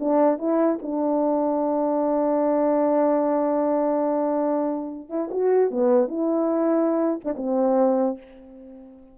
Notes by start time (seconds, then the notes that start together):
0.00 D4
0.39 E4
0.82 D4
5.10 E4
5.31 F#4
5.71 B3
6.08 E4
7.25 D4
7.37 C4